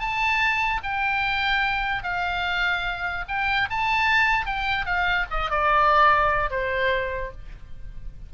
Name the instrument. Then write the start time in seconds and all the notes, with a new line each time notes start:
oboe
0.00 A5
0.83 G5
2.03 F5
3.29 G5
3.71 A5
4.46 G5
4.86 F5
5.31 D#5
5.51 D5
6.51 C5